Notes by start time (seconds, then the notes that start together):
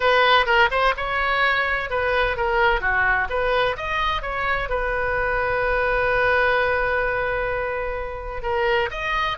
0.00 B4
0.46 A#4
0.70 C5
0.96 C#5
1.90 B4
2.36 A#4
2.81 F#4
3.29 B4
3.76 D#5
4.22 C#5
4.69 B4
8.42 A#4
8.90 D#5